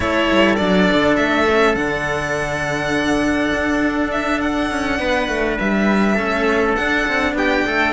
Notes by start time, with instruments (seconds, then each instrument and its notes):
0.00 cello A3 E4, trumpet A4, violin C#5
0.31 cello G3
0.55 cello F#3 D4, violin D5
0.93 cello D3
1.16 cello A3, violin E5
1.49 cello C#4
1.75 cello D3 D4, violin F#5
3.54 cello D4
4.11 violin E5
4.40 violin F#5
4.70 cello C#4
4.99 cello B3, trumpet B4
5.28 cello A3
5.59 cello G3, violin E5
6.14 cello A3 C#4, trumpet A4
6.75 cello D4, violin F#5
7.07 cello C4
7.33 cello B3, trumpet G4, violin G5
7.66 cello A3, trumpet A4